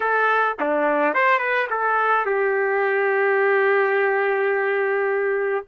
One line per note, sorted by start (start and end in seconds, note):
0.00 0.56 A4
0.59 1.14 D4
1.14 1.38 C5
1.38 1.67 B4
1.70 2.25 A4
2.25 5.65 G4